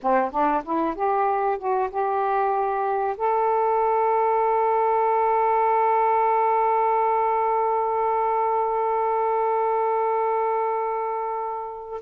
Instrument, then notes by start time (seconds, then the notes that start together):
saxophone
0.02 C4
0.31 D4
0.64 E4
0.95 G4
1.58 F#4
1.90 G4
3.17 A4